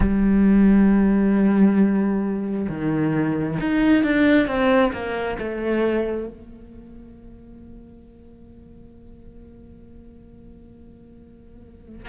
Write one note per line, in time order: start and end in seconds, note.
0.00 2.68 G3
2.69 3.58 D#3
3.60 4.03 D#4
4.03 4.47 D4
4.47 4.91 C4
4.93 5.37 A#3
5.39 6.27 A3
6.27 12.08 A#3